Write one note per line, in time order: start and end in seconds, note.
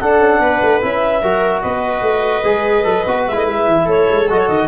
0.00 0.81 D4
0.00 0.19 D4
0.00 0.42 A4
0.00 0.82 F#5
0.19 0.40 C#4
0.40 0.60 B3
0.40 1.22 B4
0.62 0.82 A3
0.81 1.23 C#4
0.81 1.22 E4
0.81 1.62 E5
1.22 1.63 F#3
1.22 2.44 F#4
1.22 1.63 A#4
1.62 2.02 B3
1.62 3.85 B4
1.62 3.25 D#5
2.02 2.43 A3
2.44 2.85 G#3
2.44 2.84 G#4
2.84 3.06 F#3
2.84 3.04 A4
3.07 3.27 B3
3.07 3.33 F#4
3.27 3.37 G#3
3.27 4.25 E4
3.27 3.36 E5
3.36 3.47 A3
3.36 3.46 D#5
3.47 3.67 G#3
3.47 3.89 E5
3.67 3.87 E3
3.85 4.08 A3
3.85 4.66 A4
3.85 4.30 C#5
4.10 4.30 G#3
4.30 4.49 F#3
4.30 4.68 F#4
4.30 4.39 D#5
4.39 4.48 C#5
4.48 4.68 D#3
4.48 4.68 D#5